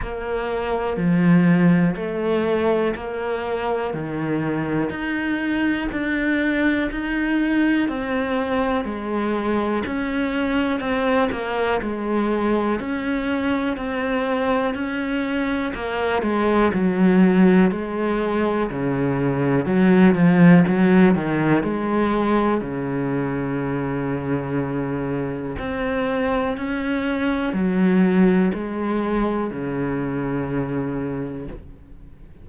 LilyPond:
\new Staff \with { instrumentName = "cello" } { \time 4/4 \tempo 4 = 61 ais4 f4 a4 ais4 | dis4 dis'4 d'4 dis'4 | c'4 gis4 cis'4 c'8 ais8 | gis4 cis'4 c'4 cis'4 |
ais8 gis8 fis4 gis4 cis4 | fis8 f8 fis8 dis8 gis4 cis4~ | cis2 c'4 cis'4 | fis4 gis4 cis2 | }